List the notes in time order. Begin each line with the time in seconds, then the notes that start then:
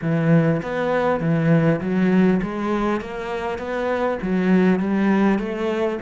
0.01 E3
0.62 B3
1.20 E3
1.81 F#3
2.42 G#3
3.00 A#3
3.58 B3
4.22 F#3
4.79 G3
5.38 A3